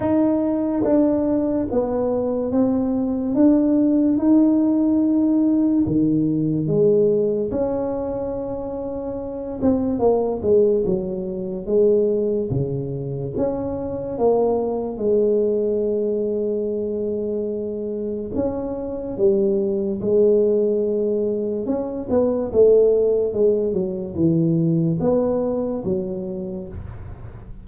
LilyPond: \new Staff \with { instrumentName = "tuba" } { \time 4/4 \tempo 4 = 72 dis'4 d'4 b4 c'4 | d'4 dis'2 dis4 | gis4 cis'2~ cis'8 c'8 | ais8 gis8 fis4 gis4 cis4 |
cis'4 ais4 gis2~ | gis2 cis'4 g4 | gis2 cis'8 b8 a4 | gis8 fis8 e4 b4 fis4 | }